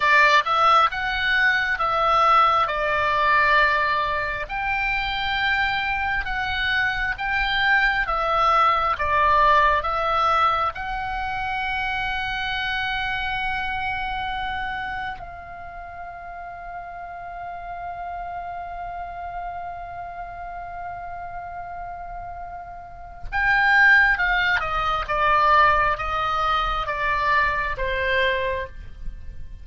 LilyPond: \new Staff \with { instrumentName = "oboe" } { \time 4/4 \tempo 4 = 67 d''8 e''8 fis''4 e''4 d''4~ | d''4 g''2 fis''4 | g''4 e''4 d''4 e''4 | fis''1~ |
fis''4 f''2.~ | f''1~ | f''2 g''4 f''8 dis''8 | d''4 dis''4 d''4 c''4 | }